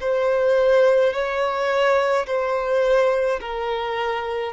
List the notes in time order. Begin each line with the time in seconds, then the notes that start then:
0.00 C5
1.13 C#5
2.26 C5
3.40 A#4